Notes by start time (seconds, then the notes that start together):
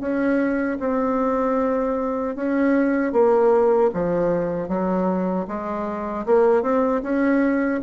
0.00 C#4
0.80 C4
2.36 C#4
3.12 A#3
3.94 F3
4.69 F#3
5.48 G#3
6.26 A#3
6.62 C4
7.03 C#4